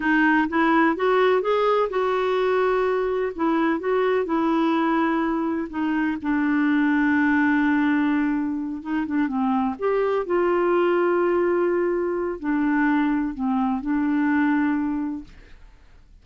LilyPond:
\new Staff \with { instrumentName = "clarinet" } { \time 4/4 \tempo 4 = 126 dis'4 e'4 fis'4 gis'4 | fis'2. e'4 | fis'4 e'2. | dis'4 d'2.~ |
d'2~ d'8 dis'8 d'8 c'8~ | c'8 g'4 f'2~ f'8~ | f'2 d'2 | c'4 d'2. | }